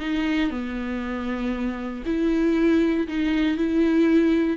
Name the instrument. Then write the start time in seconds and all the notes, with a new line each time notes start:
viola
0.00 D#4
0.51 B3
2.06 E4
3.08 D#4
3.57 E4